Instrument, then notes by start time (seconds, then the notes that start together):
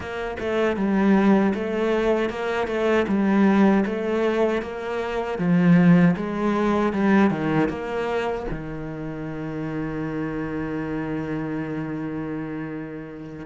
cello
0.00 A#3
0.39 A3
0.76 G3
1.54 A3
2.29 A#3
2.67 A3
3.07 G3
3.85 A3
4.62 A#3
5.38 F3
6.16 G#3
6.92 G3
7.30 D#3
7.69 A#3
8.50 D#3